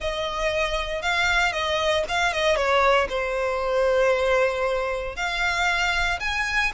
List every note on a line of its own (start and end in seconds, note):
0.00 1.01 D#5
1.01 1.52 F5
1.52 2.04 D#5
2.08 2.33 F5
2.33 2.56 D#5
2.56 3.07 C#5
3.09 5.16 C5
5.16 6.19 F5
6.20 6.71 G#5